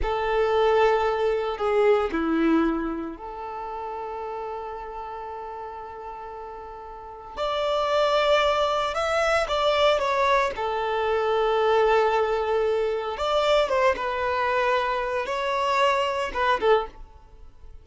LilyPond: \new Staff \with { instrumentName = "violin" } { \time 4/4 \tempo 4 = 114 a'2. gis'4 | e'2 a'2~ | a'1~ | a'2 d''2~ |
d''4 e''4 d''4 cis''4 | a'1~ | a'4 d''4 c''8 b'4.~ | b'4 cis''2 b'8 a'8 | }